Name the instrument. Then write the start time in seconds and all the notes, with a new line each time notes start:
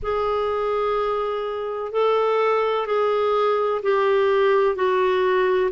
clarinet
0.02 G#4
1.91 A4
2.86 G#4
3.82 G4
4.75 F#4